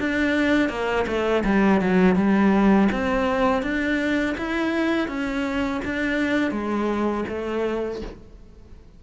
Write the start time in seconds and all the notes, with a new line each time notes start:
0.00 D4
0.69 A#3
1.07 A3
1.44 G3
1.80 F#3
2.15 G3
2.92 C4
3.62 D4
4.37 E4
5.08 C#4
5.84 D4
6.51 G#3
7.28 A3